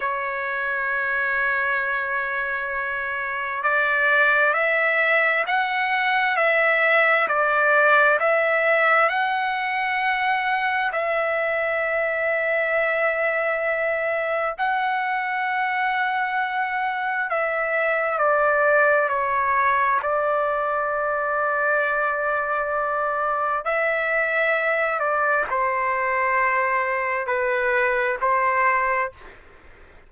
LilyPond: \new Staff \with { instrumentName = "trumpet" } { \time 4/4 \tempo 4 = 66 cis''1 | d''4 e''4 fis''4 e''4 | d''4 e''4 fis''2 | e''1 |
fis''2. e''4 | d''4 cis''4 d''2~ | d''2 e''4. d''8 | c''2 b'4 c''4 | }